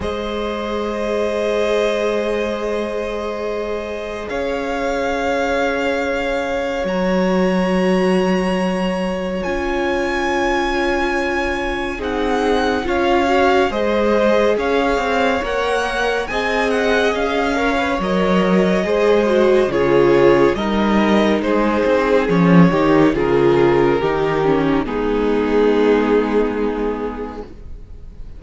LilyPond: <<
  \new Staff \with { instrumentName = "violin" } { \time 4/4 \tempo 4 = 70 dis''1~ | dis''4 f''2. | ais''2. gis''4~ | gis''2 fis''4 f''4 |
dis''4 f''4 fis''4 gis''8 fis''8 | f''4 dis''2 cis''4 | dis''4 c''4 cis''4 ais'4~ | ais'4 gis'2. | }
  \new Staff \with { instrumentName = "violin" } { \time 4/4 c''1~ | c''4 cis''2.~ | cis''1~ | cis''2 gis'4 cis''4 |
c''4 cis''2 dis''4~ | dis''8 cis''4. c''4 gis'4 | ais'4 gis'4. g'8 gis'4 | g'4 dis'2. | }
  \new Staff \with { instrumentName = "viola" } { \time 4/4 gis'1~ | gis'1 | fis'2. f'4~ | f'2 dis'4 f'8 fis'8 |
gis'2 ais'4 gis'4~ | gis'8 ais'16 b'16 ais'4 gis'8 fis'8 f'4 | dis'2 cis'8 dis'8 f'4 | dis'8 cis'8 b2. | }
  \new Staff \with { instrumentName = "cello" } { \time 4/4 gis1~ | gis4 cis'2. | fis2. cis'4~ | cis'2 c'4 cis'4 |
gis4 cis'8 c'8 ais4 c'4 | cis'4 fis4 gis4 cis4 | g4 gis8 c'8 f8 dis8 cis4 | dis4 gis2. | }
>>